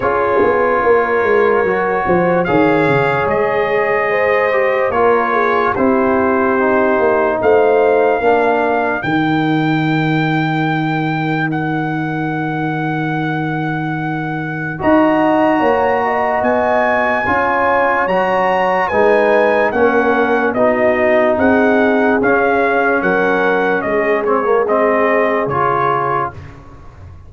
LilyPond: <<
  \new Staff \with { instrumentName = "trumpet" } { \time 4/4 \tempo 4 = 73 cis''2. f''4 | dis''2 cis''4 c''4~ | c''4 f''2 g''4~ | g''2 fis''2~ |
fis''2 ais''2 | gis''2 ais''4 gis''4 | fis''4 dis''4 fis''4 f''4 | fis''4 dis''8 cis''8 dis''4 cis''4 | }
  \new Staff \with { instrumentName = "horn" } { \time 4/4 gis'4 ais'4. c''8 cis''4~ | cis''4 c''4 ais'8 gis'8 g'4~ | g'4 c''4 ais'2~ | ais'1~ |
ais'2 dis''4 cis''8 dis''8~ | dis''4 cis''2 b'4 | ais'4 fis'4 gis'2 | ais'4 gis'2. | }
  \new Staff \with { instrumentName = "trombone" } { \time 4/4 f'2 fis'4 gis'4~ | gis'4. g'8 f'4 e'4 | dis'2 d'4 dis'4~ | dis'1~ |
dis'2 fis'2~ | fis'4 f'4 fis'4 dis'4 | cis'4 dis'2 cis'4~ | cis'4. c'16 ais16 c'4 f'4 | }
  \new Staff \with { instrumentName = "tuba" } { \time 4/4 cis'8 b8 ais8 gis8 fis8 f8 dis8 cis8 | gis2 ais4 c'4~ | c'8 ais8 a4 ais4 dis4~ | dis1~ |
dis2 dis'4 ais4 | b4 cis'4 fis4 gis4 | ais4 b4 c'4 cis'4 | fis4 gis2 cis4 | }
>>